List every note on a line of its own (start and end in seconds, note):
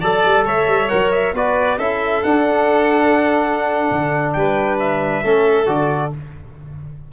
0.00 0.24 F#3
0.00 0.90 A4
0.00 0.44 D5
0.00 0.45 A5
0.25 0.46 G3
0.46 0.68 A3
0.46 1.34 C#5
0.46 0.89 E5
0.68 0.90 G3
0.89 1.34 F#3
0.89 1.34 A#4
0.89 1.11 F#5
1.12 1.34 E5
1.34 1.78 B3
1.34 1.80 F#4
1.34 1.78 B4
1.34 1.78 D5
1.78 2.22 C#4
1.78 2.25 E4
1.78 4.34 A4
1.78 2.23 E5
2.23 3.91 D4
2.23 5.24 D4
2.23 4.33 F#5
3.91 4.36 D3
4.33 5.24 G3
4.33 5.23 B4
4.33 4.77 G5
4.79 5.68 E5
5.23 5.67 A3
5.23 5.66 C#4
5.23 6.12 A4
5.66 6.12 D3
5.66 6.11 F#4
5.66 6.13 D5